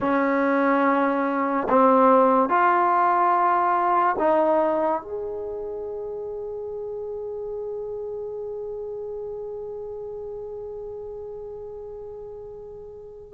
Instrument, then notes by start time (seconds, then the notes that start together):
trombone
0.00 C#4
1.69 C4
2.49 F4
4.18 D#4
5.02 G#4